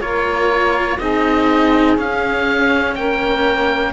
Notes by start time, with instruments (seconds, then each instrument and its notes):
0.00 cello A#3 F4, saxophone A#4, oboe C#5
0.98 cello C4 D#4, saxophone G#4, oboe D#5
1.97 cello C#4, oboe F5
2.95 cello A#3, saxophone A#4, oboe G5